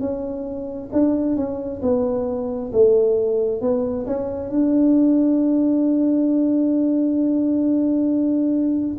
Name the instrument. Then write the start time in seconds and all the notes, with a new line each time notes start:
tuba
0.00 C#4
0.92 D4
1.36 C#4
1.82 B3
2.73 A3
3.61 B3
4.07 C#4
4.50 D4